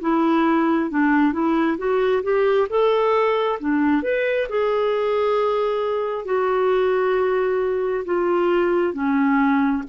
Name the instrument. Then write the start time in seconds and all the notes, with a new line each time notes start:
clarinet
0.00 E4
0.90 D4
1.32 E4
1.77 F#4
2.23 G4
2.69 A4
3.59 D4
4.02 B4
4.49 G#4
6.25 F#4
8.05 F4
8.93 C#4